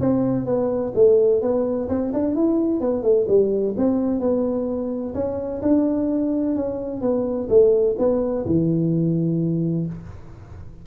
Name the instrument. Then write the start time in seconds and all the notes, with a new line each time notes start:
tuba
0.00 C4
0.46 B3
0.95 A3
1.42 B3
1.89 C4
2.13 D4
2.35 E4
2.80 B3
3.03 A3
3.28 G3
3.77 C4
4.20 B3
5.14 C#4
5.62 D4
6.56 C#4
7.01 B3
7.49 A3
7.98 B3
8.46 E3